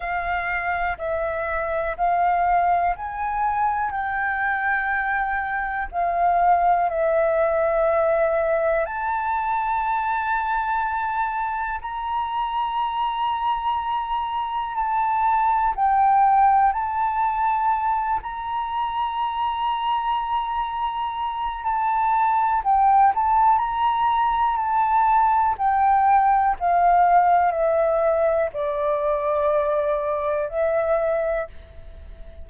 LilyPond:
\new Staff \with { instrumentName = "flute" } { \time 4/4 \tempo 4 = 61 f''4 e''4 f''4 gis''4 | g''2 f''4 e''4~ | e''4 a''2. | ais''2. a''4 |
g''4 a''4. ais''4.~ | ais''2 a''4 g''8 a''8 | ais''4 a''4 g''4 f''4 | e''4 d''2 e''4 | }